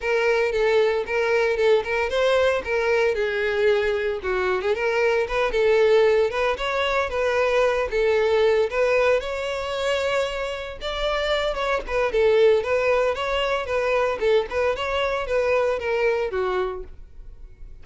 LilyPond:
\new Staff \with { instrumentName = "violin" } { \time 4/4 \tempo 4 = 114 ais'4 a'4 ais'4 a'8 ais'8 | c''4 ais'4 gis'2 | fis'8. gis'16 ais'4 b'8 a'4. | b'8 cis''4 b'4. a'4~ |
a'8 b'4 cis''2~ cis''8~ | cis''8 d''4. cis''8 b'8 a'4 | b'4 cis''4 b'4 a'8 b'8 | cis''4 b'4 ais'4 fis'4 | }